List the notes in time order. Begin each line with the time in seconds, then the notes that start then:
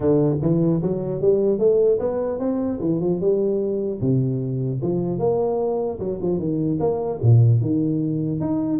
0.00 D3
0.41 E3
0.82 F#3
1.21 G3
1.59 A3
1.99 B3
2.39 C4
2.80 E3
3.00 F3
3.20 G3
4.01 C3
4.82 F3
5.19 A#3
5.99 F#3
6.21 F3
6.38 D#3
6.80 A#3
7.22 A#2
7.61 D#3
8.40 D#4